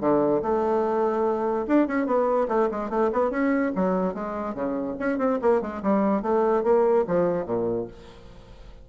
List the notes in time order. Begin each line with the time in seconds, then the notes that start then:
0.00 D3
0.42 A3
1.67 D4
1.87 C#4
2.06 B3
2.48 A3
2.70 G#3
2.89 A3
3.12 B3
3.30 C#4
3.75 F#3
4.14 G#3
4.54 C#3
4.99 C#4
5.18 C4
5.41 A#3
5.61 G#3
5.82 G3
6.22 A3
6.63 A#3
7.07 F3
7.46 A#2